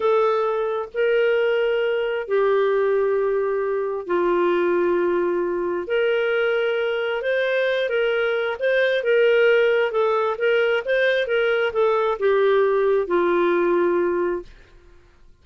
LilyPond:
\new Staff \with { instrumentName = "clarinet" } { \time 4/4 \tempo 4 = 133 a'2 ais'2~ | ais'4 g'2.~ | g'4 f'2.~ | f'4 ais'2. |
c''4. ais'4. c''4 | ais'2 a'4 ais'4 | c''4 ais'4 a'4 g'4~ | g'4 f'2. | }